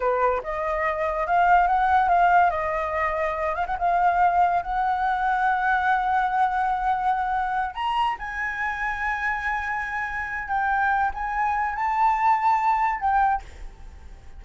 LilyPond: \new Staff \with { instrumentName = "flute" } { \time 4/4 \tempo 4 = 143 b'4 dis''2 f''4 | fis''4 f''4 dis''2~ | dis''8 f''16 fis''16 f''2 fis''4~ | fis''1~ |
fis''2~ fis''8 ais''4 gis''8~ | gis''1~ | gis''4 g''4. gis''4. | a''2. g''4 | }